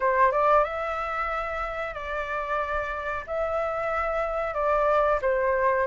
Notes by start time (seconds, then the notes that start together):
0.00 C5
0.31 D5
0.63 E5
1.94 D5
3.26 E5
4.54 D5
5.21 C5